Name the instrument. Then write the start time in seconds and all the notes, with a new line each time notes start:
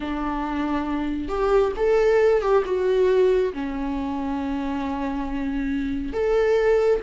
viola
0.00 D4
1.28 G4
1.76 A4
2.41 G4
2.65 F#4
3.53 C#4
6.12 A4